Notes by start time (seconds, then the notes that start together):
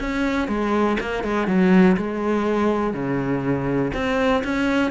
0.00 C#4
0.48 G#3
1.00 A#3
1.24 G#3
1.48 F#3
1.97 G#3
2.94 C#3
3.94 C4
4.44 C#4